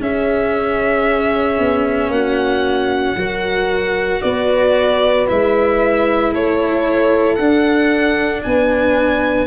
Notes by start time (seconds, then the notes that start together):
0.00 C#4 G#4 E5
1.58 B3
2.08 A#3 F#4 F#5
3.16 F#3 F#4 A#4
4.22 B3 B4 D5
5.27 G#3 E4 E5
6.32 A3 A4 C#5
7.35 D4 F#5
8.43 B3 B4 G#5